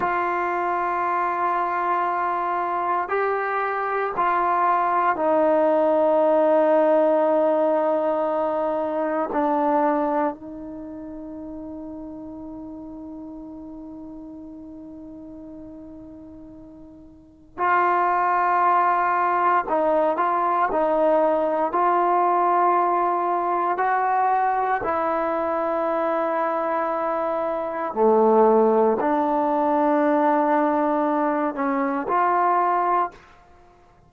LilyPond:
\new Staff \with { instrumentName = "trombone" } { \time 4/4 \tempo 4 = 58 f'2. g'4 | f'4 dis'2.~ | dis'4 d'4 dis'2~ | dis'1~ |
dis'4 f'2 dis'8 f'8 | dis'4 f'2 fis'4 | e'2. a4 | d'2~ d'8 cis'8 f'4 | }